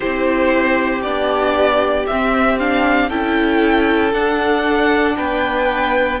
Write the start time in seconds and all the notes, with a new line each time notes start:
0.00 C4 E4 G4 C5
1.02 B3 D4 D5
2.06 C4 E5
2.58 D4 F5
3.09 C#4 E4 A4 G5
4.12 D4 F#5
5.16 B3 B4 G5